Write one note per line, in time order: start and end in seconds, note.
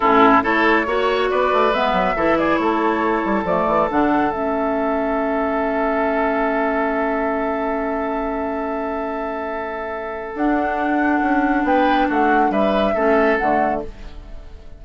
0.00 0.43 A2
0.00 0.42 C#4
0.00 0.43 E4
0.00 0.43 A4
0.42 0.86 A3
0.42 0.85 E4
0.42 0.86 A4
0.42 1.30 C#5
0.86 1.29 A#3
0.86 1.73 F#4
0.86 1.30 C#5
1.30 1.53 B3
1.30 2.16 B4
1.30 1.73 D5
1.53 1.73 A3
1.73 1.92 G#3
1.73 2.16 B3
1.73 2.38 E5
1.92 2.14 F#3
2.15 2.58 E3
2.15 3.46 E4
2.15 2.37 A4
2.38 2.59 G#4
2.38 2.56 D5
2.56 3.23 A3
2.56 11.66 A4
2.56 3.42 C#5
3.24 3.44 G3
3.44 3.65 F3
3.44 3.89 A3
3.44 3.89 D5
3.67 3.88 E3
3.90 4.32 D3
3.90 4.32 D4
3.90 4.30 F#5
4.30 10.34 A3
4.30 10.36 C#4
4.30 10.35 E5
10.34 11.20 D4
10.34 12.96 D4
10.34 11.65 F#5
11.21 11.63 C#4
11.63 12.06 B3
11.63 12.08 B4
11.63 12.09 G5
12.08 12.49 A3
12.08 12.51 F#4
12.08 12.51 F#5
12.49 12.93 G3
12.49 12.94 B4
12.49 13.37 E5
12.94 13.38 A3
12.94 13.39 C#4
12.94 13.80 A4
13.37 13.84 D3
13.37 13.83 A3
13.37 13.80 F#5